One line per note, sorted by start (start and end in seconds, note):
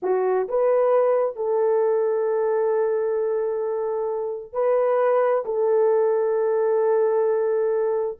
0.02 0.48 F#4
0.48 1.36 B4
1.36 4.52 A4
4.52 5.43 B4
5.45 8.18 A4